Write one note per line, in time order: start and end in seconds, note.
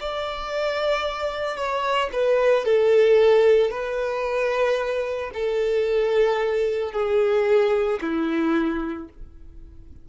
0.00 1.56 D5
1.56 2.10 C#5
2.12 2.65 B4
2.65 3.70 A4
3.70 5.31 B4
5.33 6.92 A4
6.92 7.99 G#4
8.01 9.08 E4